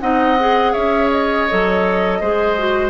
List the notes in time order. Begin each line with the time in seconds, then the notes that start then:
0.00 C4 D#4 D#5 F#5
0.39 G#4
0.72 C#4 C#5 E5
1.10 D#5
1.50 F#3 A4
2.21 G#3 G#4 C5
2.58 F#4